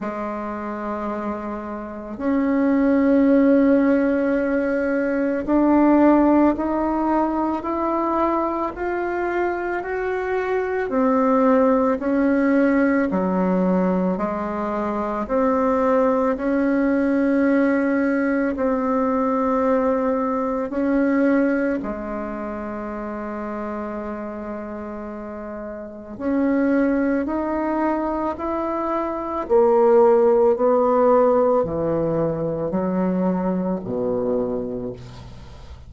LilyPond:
\new Staff \with { instrumentName = "bassoon" } { \time 4/4 \tempo 4 = 55 gis2 cis'2~ | cis'4 d'4 dis'4 e'4 | f'4 fis'4 c'4 cis'4 | fis4 gis4 c'4 cis'4~ |
cis'4 c'2 cis'4 | gis1 | cis'4 dis'4 e'4 ais4 | b4 e4 fis4 b,4 | }